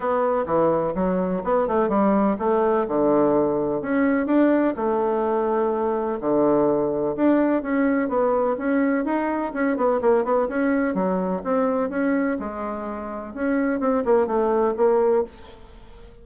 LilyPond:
\new Staff \with { instrumentName = "bassoon" } { \time 4/4 \tempo 4 = 126 b4 e4 fis4 b8 a8 | g4 a4 d2 | cis'4 d'4 a2~ | a4 d2 d'4 |
cis'4 b4 cis'4 dis'4 | cis'8 b8 ais8 b8 cis'4 fis4 | c'4 cis'4 gis2 | cis'4 c'8 ais8 a4 ais4 | }